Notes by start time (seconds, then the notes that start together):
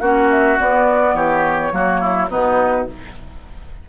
0.00 A#3 C#4 F#4 F#5
0.30 E5
0.58 B3 D5
1.14 E3 G4 C#5
1.71 F#3 A#3 F#4
2.00 E4
2.29 B2 B3 D#4 B4